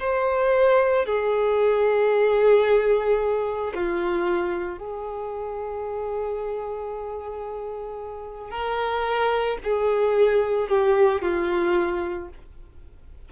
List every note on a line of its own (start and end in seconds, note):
0.00 1.06 C5
1.06 3.74 G#4
3.75 4.79 F4
4.79 8.51 G#4
8.51 9.58 A#4
9.64 10.69 G#4
10.69 11.22 G4
11.22 12.29 F4